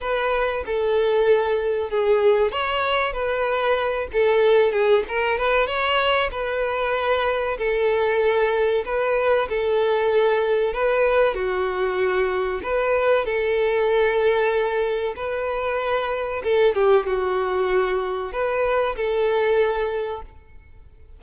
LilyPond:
\new Staff \with { instrumentName = "violin" } { \time 4/4 \tempo 4 = 95 b'4 a'2 gis'4 | cis''4 b'4. a'4 gis'8 | ais'8 b'8 cis''4 b'2 | a'2 b'4 a'4~ |
a'4 b'4 fis'2 | b'4 a'2. | b'2 a'8 g'8 fis'4~ | fis'4 b'4 a'2 | }